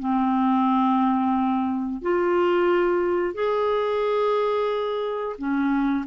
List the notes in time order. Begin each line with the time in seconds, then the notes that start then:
0.00 C4
2.02 F4
3.35 G#4
5.39 C#4